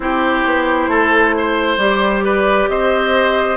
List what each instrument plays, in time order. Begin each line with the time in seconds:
0.00 bassoon C4, clarinet E4, oboe G4, flute C5
0.45 bassoon B3
0.87 bassoon A3, oboe A4
1.37 oboe C5
1.77 bassoon G3, clarinet G4, flute D5
2.24 oboe B4
2.68 bassoon C4, oboe C5, flute D#5